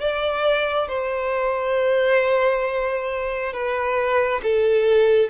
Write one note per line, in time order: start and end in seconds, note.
0.00 0.88 D5
0.88 3.53 C5
3.53 4.41 B4
4.43 5.29 A4